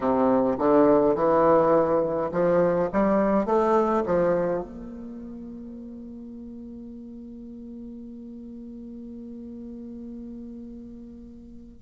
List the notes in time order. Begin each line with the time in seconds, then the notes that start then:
0.00 C3
0.58 D3
1.15 E3
2.31 F3
2.92 G3
3.45 A3
4.06 F3
4.62 A#3